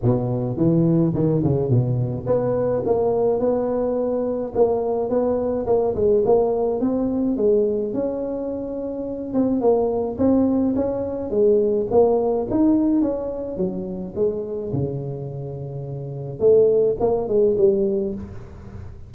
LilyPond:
\new Staff \with { instrumentName = "tuba" } { \time 4/4 \tempo 4 = 106 b,4 e4 dis8 cis8 b,4 | b4 ais4 b2 | ais4 b4 ais8 gis8 ais4 | c'4 gis4 cis'2~ |
cis'8 c'8 ais4 c'4 cis'4 | gis4 ais4 dis'4 cis'4 | fis4 gis4 cis2~ | cis4 a4 ais8 gis8 g4 | }